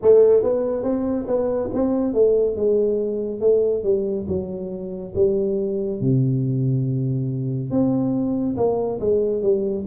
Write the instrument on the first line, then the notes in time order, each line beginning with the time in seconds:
tuba
0.02 A3
0.43 B3
0.83 C4
1.27 B3
1.73 C4
2.13 A3
2.56 G#3
3.40 A3
3.83 G3
4.27 F#3
5.15 G3
6.00 C3
7.70 C4
8.56 A#3
9.00 G#3
9.42 G3